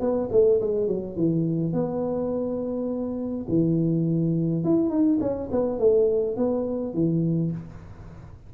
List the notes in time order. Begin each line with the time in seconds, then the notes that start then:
0.00 B3
0.31 A3
0.61 G#3
0.87 F#3
1.16 E3
1.73 B3
3.49 E3
4.64 E4
4.90 D#4
5.20 C#4
5.51 B3
5.79 A3
6.36 B3
6.94 E3